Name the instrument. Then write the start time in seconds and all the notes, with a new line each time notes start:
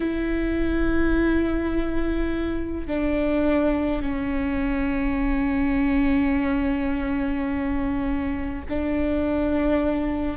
viola
0.00 E4
2.87 D4
4.01 C#4
8.69 D4